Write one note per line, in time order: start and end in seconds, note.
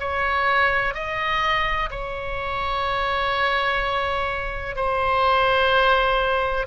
0.00 0.95 C#5
0.95 1.90 D#5
1.91 4.76 C#5
4.76 6.67 C5